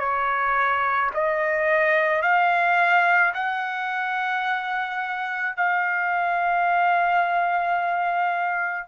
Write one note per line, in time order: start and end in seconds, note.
0.00 1.11 C#5
1.14 2.23 D#5
2.23 3.34 F5
3.34 5.57 F#5
5.57 8.88 F5